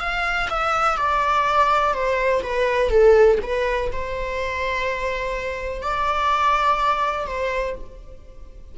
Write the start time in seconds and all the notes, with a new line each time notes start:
0.00 F5
0.50 E5
0.97 D5
1.94 C5
2.42 B4
2.89 A4
3.42 B4
3.92 C5
5.82 D5
7.27 C5